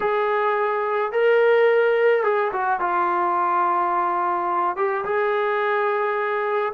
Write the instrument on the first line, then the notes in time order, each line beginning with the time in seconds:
trombone
0.00 G#4
1.12 A#4
2.23 G#4
2.52 F#4
2.80 F4
4.76 G4
5.04 G#4